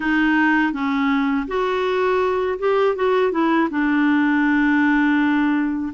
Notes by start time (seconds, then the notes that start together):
0.00 D#4
0.72 C#4
1.47 F#4
2.58 G4
2.95 F#4
3.31 E4
3.70 D4